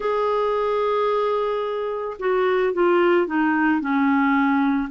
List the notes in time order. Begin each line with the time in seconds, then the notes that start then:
0.00 G#4
2.19 F#4
2.73 F4
3.26 D#4
3.80 C#4